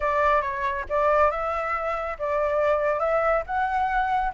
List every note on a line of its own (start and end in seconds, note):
0.00 0.41 D5
0.41 0.84 C#5
0.89 1.30 D5
1.30 2.17 E5
2.18 2.99 D5
2.99 3.43 E5
3.46 4.32 F#5